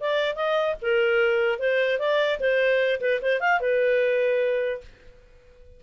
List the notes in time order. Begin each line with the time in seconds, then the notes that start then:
0.00 D5
0.35 D#5
0.81 A#4
1.59 C5
1.99 D5
2.40 C5
3.00 B4
3.22 C5
3.40 F5
3.60 B4